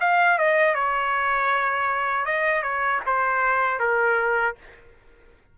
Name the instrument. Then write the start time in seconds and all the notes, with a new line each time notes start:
trumpet
0.00 F5
0.38 D#5
0.74 C#5
2.25 D#5
2.62 C#5
3.06 C5
3.79 A#4